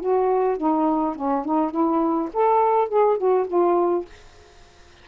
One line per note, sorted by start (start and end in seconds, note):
0.00 0.57 F#4
0.57 1.16 D#4
1.16 1.45 C#4
1.45 1.71 D#4
1.71 2.29 E4
2.33 2.89 A4
2.89 3.18 G#4
3.18 3.47 F#4
3.47 4.05 F4